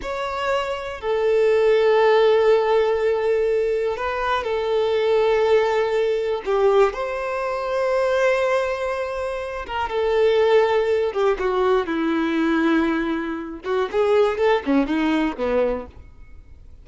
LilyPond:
\new Staff \with { instrumentName = "violin" } { \time 4/4 \tempo 4 = 121 cis''2 a'2~ | a'1 | b'4 a'2.~ | a'4 g'4 c''2~ |
c''2.~ c''8 ais'8 | a'2~ a'8 g'8 fis'4 | e'2.~ e'8 fis'8 | gis'4 a'8 cis'8 dis'4 b4 | }